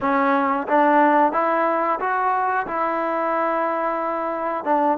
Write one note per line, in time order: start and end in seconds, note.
0.00 0.67 C#4
0.67 1.32 D4
1.32 1.99 E4
1.99 2.66 F#4
2.66 4.64 E4
4.64 4.98 D4